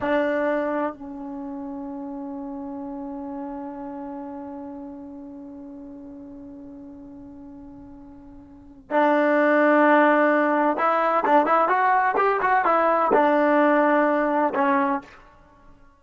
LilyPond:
\new Staff \with { instrumentName = "trombone" } { \time 4/4 \tempo 4 = 128 d'2 cis'2~ | cis'1~ | cis'1~ | cis'1~ |
cis'2. d'4~ | d'2. e'4 | d'8 e'8 fis'4 g'8 fis'8 e'4 | d'2. cis'4 | }